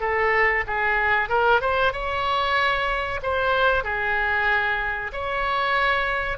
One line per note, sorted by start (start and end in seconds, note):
0.00 0.64 A4
0.66 1.29 G#4
1.29 1.60 A#4
1.60 1.92 C5
1.92 3.20 C#5
3.22 3.84 C5
3.84 5.11 G#4
5.12 6.37 C#5